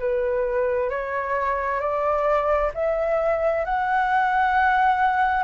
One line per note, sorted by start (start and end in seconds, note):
0.00 0.90 B4
0.90 1.81 C#5
1.81 2.71 D5
2.74 3.65 E5
3.65 5.44 F#5